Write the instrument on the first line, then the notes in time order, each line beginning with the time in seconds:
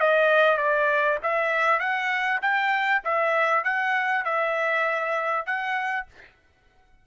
trumpet
0.00 D#5
0.58 D5
1.23 E5
1.80 F#5
2.42 G5
3.05 E5
3.64 F#5
4.25 E5
5.46 F#5